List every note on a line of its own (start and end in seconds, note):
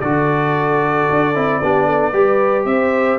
0.00 1.08 D3
0.00 1.35 F#4
0.00 1.62 A4
0.00 2.65 D5
1.10 1.35 D4
1.35 1.61 C4
1.35 1.62 E4
1.62 2.13 B3
1.62 2.13 D4
1.62 1.85 G4
1.85 2.12 A4
2.13 2.65 G3
2.13 3.19 G4
2.13 2.66 B4
2.65 3.18 C4
2.65 3.19 C5
2.65 3.19 E5